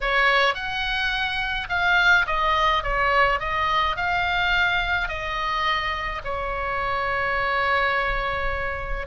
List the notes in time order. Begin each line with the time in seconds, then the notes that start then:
0.00 C#5
0.54 F#5
1.69 F5
2.26 D#5
2.83 C#5
3.39 D#5
3.96 F5
5.08 D#5
6.24 C#5